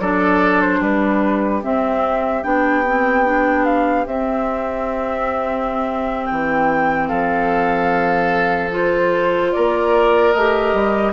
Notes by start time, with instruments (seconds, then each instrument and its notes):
0.00 bassoon F#3, clarinet D4, oboe A4, flute D5
0.62 flute C5
0.80 bassoon G3, oboe G4, flute B4
1.64 clarinet C4, bassoon C4, flute E5
2.44 bassoon B3, clarinet D4, flute G5
2.87 clarinet C4
3.26 clarinet D4
3.65 flute F5
4.07 bassoon C4, clarinet C4, flute E5
6.27 bassoon E3, flute G5
7.09 bassoon F3, oboe A4, flute F5
8.71 clarinet F4, flute C5
9.53 bassoon A#3, oboe A#4, flute D5
10.33 bassoon A3, clarinet G4, flute D#5
10.73 bassoon G3